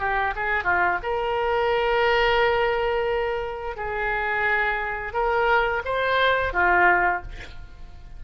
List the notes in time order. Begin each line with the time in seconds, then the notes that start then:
0.00 G4
0.36 G#4
0.65 F4
1.03 A#4
3.77 G#4
5.14 A#4
5.86 C5
6.54 F4